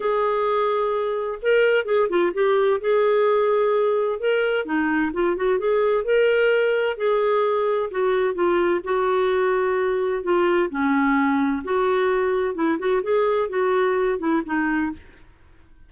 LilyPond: \new Staff \with { instrumentName = "clarinet" } { \time 4/4 \tempo 4 = 129 gis'2. ais'4 | gis'8 f'8 g'4 gis'2~ | gis'4 ais'4 dis'4 f'8 fis'8 | gis'4 ais'2 gis'4~ |
gis'4 fis'4 f'4 fis'4~ | fis'2 f'4 cis'4~ | cis'4 fis'2 e'8 fis'8 | gis'4 fis'4. e'8 dis'4 | }